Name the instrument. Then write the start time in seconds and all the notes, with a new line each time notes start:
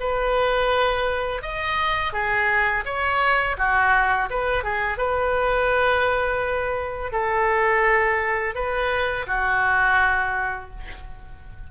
oboe
0.00 B4
1.42 D#5
2.13 G#4
2.85 C#5
3.58 F#4
4.30 B4
4.64 G#4
4.98 B4
7.12 A4
8.55 B4
9.27 F#4